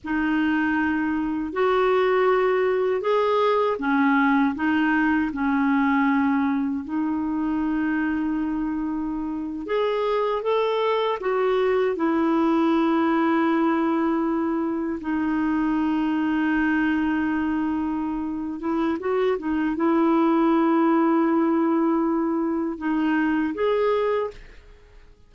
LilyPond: \new Staff \with { instrumentName = "clarinet" } { \time 4/4 \tempo 4 = 79 dis'2 fis'2 | gis'4 cis'4 dis'4 cis'4~ | cis'4 dis'2.~ | dis'8. gis'4 a'4 fis'4 e'16~ |
e'2.~ e'8. dis'16~ | dis'1~ | dis'8 e'8 fis'8 dis'8 e'2~ | e'2 dis'4 gis'4 | }